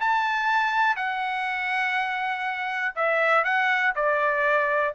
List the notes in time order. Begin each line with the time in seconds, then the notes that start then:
0.00 A5
0.96 F#5
2.95 E5
3.44 F#5
3.95 D5